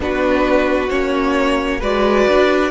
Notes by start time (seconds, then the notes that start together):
0.00 B3 D4 F#4 B4
0.89 A#3 C#4 C#5
1.78 G#3 F#4 B4 D5
2.27 D4